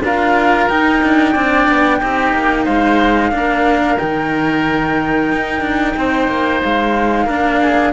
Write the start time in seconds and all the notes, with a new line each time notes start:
0.00 D4 F4 A#4 F5
0.68 D#4 G5
1.03 D4
1.32 C4 D4 D5
1.68 B3
1.99 C4 D#4 G4
2.33 A#3
2.64 G#3 C5 F5
3.31 A#3 D4 A#4
3.97 D#3 D#4 G5
5.32 D#4
5.61 D4
5.96 C4 C5
6.28 A#3
6.62 G#3 F5
7.25 A#3 D4 A#4
7.61 G#4